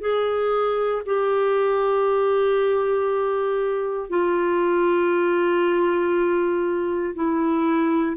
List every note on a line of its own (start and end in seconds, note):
0.00 1.02 G#4
1.05 4.10 G4
4.10 7.15 F4
7.15 8.16 E4